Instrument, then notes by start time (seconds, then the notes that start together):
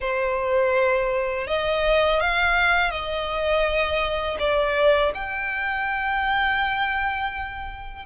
violin
0.00 C5
1.47 D#5
2.20 F5
2.90 D#5
4.39 D5
5.14 G5